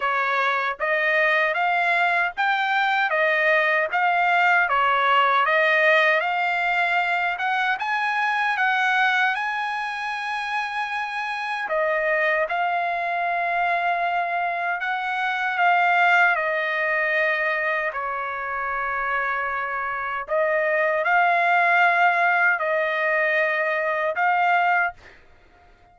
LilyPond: \new Staff \with { instrumentName = "trumpet" } { \time 4/4 \tempo 4 = 77 cis''4 dis''4 f''4 g''4 | dis''4 f''4 cis''4 dis''4 | f''4. fis''8 gis''4 fis''4 | gis''2. dis''4 |
f''2. fis''4 | f''4 dis''2 cis''4~ | cis''2 dis''4 f''4~ | f''4 dis''2 f''4 | }